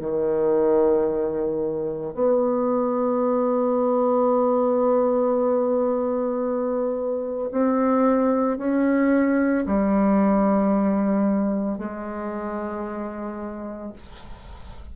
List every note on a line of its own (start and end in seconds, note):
0.00 2.14 D#3
2.14 7.50 B3
7.51 8.58 C4
8.58 9.65 C#4
9.66 11.79 G3
11.79 13.93 G#3